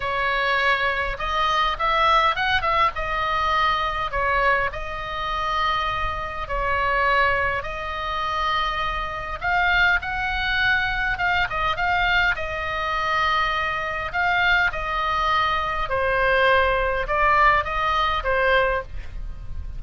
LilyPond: \new Staff \with { instrumentName = "oboe" } { \time 4/4 \tempo 4 = 102 cis''2 dis''4 e''4 | fis''8 e''8 dis''2 cis''4 | dis''2. cis''4~ | cis''4 dis''2. |
f''4 fis''2 f''8 dis''8 | f''4 dis''2. | f''4 dis''2 c''4~ | c''4 d''4 dis''4 c''4 | }